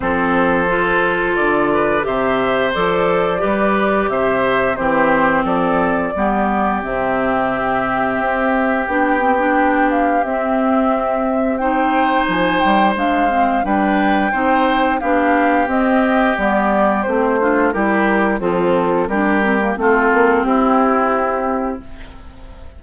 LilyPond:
<<
  \new Staff \with { instrumentName = "flute" } { \time 4/4 \tempo 4 = 88 c''2 d''4 e''4 | d''2 e''4 c''4 | d''2 e''2~ | e''4 g''4. f''8 e''4~ |
e''4 g''4 gis''8 g''8 f''4 | g''2 f''4 dis''4 | d''4 c''4 ais'4 a'4 | ais'4 a'4 g'2 | }
  \new Staff \with { instrumentName = "oboe" } { \time 4/4 a'2~ a'8 b'8 c''4~ | c''4 b'4 c''4 g'4 | a'4 g'2.~ | g'1~ |
g'4 c''2. | b'4 c''4 g'2~ | g'4. f'8 g'4 c'4 | g'4 f'4 e'2 | }
  \new Staff \with { instrumentName = "clarinet" } { \time 4/4 c'4 f'2 g'4 | a'4 g'2 c'4~ | c'4 b4 c'2~ | c'4 d'8 c'16 d'4~ d'16 c'4~ |
c'4 dis'2 d'8 c'8 | d'4 dis'4 d'4 c'4 | b4 c'8 d'8 e'4 f'4 | d'8 c'16 ais16 c'2. | }
  \new Staff \with { instrumentName = "bassoon" } { \time 4/4 f2 d4 c4 | f4 g4 c4 e4 | f4 g4 c2 | c'4 b2 c'4~ |
c'2 f8 g8 gis4 | g4 c'4 b4 c'4 | g4 a4 g4 f4 | g4 a8 ais8 c'2 | }
>>